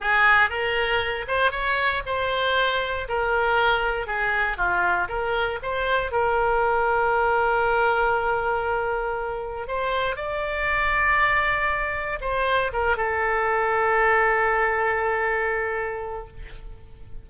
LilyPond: \new Staff \with { instrumentName = "oboe" } { \time 4/4 \tempo 4 = 118 gis'4 ais'4. c''8 cis''4 | c''2 ais'2 | gis'4 f'4 ais'4 c''4 | ais'1~ |
ais'2. c''4 | d''1 | c''4 ais'8 a'2~ a'8~ | a'1 | }